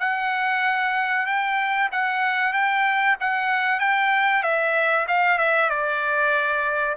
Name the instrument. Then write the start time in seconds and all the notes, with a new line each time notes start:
trumpet
0.00 F#5
1.26 G5
1.92 F#5
2.53 G5
3.20 F#5
3.80 G5
4.43 E5
5.08 F5
5.39 E5
5.70 D5